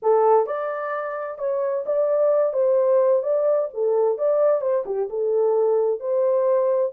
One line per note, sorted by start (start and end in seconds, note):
0.02 0.46 A4
0.46 1.38 D5
1.38 1.84 C#5
1.85 2.53 D5
2.53 3.22 C5
3.22 3.68 D5
3.73 4.17 A4
4.17 4.61 D5
4.61 4.84 C5
4.85 5.08 G4
5.09 6.00 A4
6.00 6.92 C5